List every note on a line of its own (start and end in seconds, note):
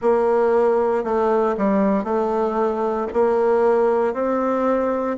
0.01 1.03 A#3
1.03 1.55 A3
1.57 2.04 G3
2.04 3.07 A3
3.13 4.13 A#3
4.13 5.17 C4